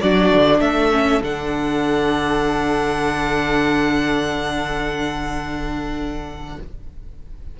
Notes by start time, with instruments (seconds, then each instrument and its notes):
0.00 cello F#3, viola D4, violin F#4 D5
0.33 cello D3
0.59 cello A3, violin A4 E5
0.92 viola C#4
1.22 cello D3, viola D4, violin F#5